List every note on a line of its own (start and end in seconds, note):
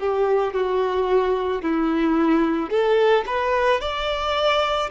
0.00 0.54 G4
0.54 1.63 F#4
1.63 2.70 E4
2.70 3.25 A4
3.27 3.81 B4
3.81 4.90 D5